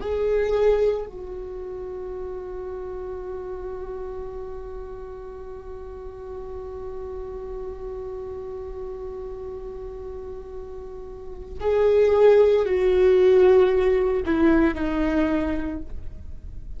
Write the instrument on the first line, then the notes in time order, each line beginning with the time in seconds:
viola
0.00 G#4
1.06 F#4
11.60 G#4
12.65 F#4
14.25 E4
14.74 D#4